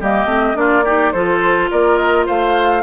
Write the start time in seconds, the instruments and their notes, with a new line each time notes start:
0.00 bassoon G3, clarinet A#3, oboe G4, flute D#5
0.25 bassoon A3, clarinet C4
0.54 bassoon A#3, clarinet D4, oboe F4, flute D5
0.84 clarinet D#4, oboe G4
1.12 bassoon F3, clarinet F4, oboe A4, flute C5
1.71 bassoon A#3, oboe A#4, flute D5
1.96 flute D#5
2.26 bassoon A3, oboe C5, flute F5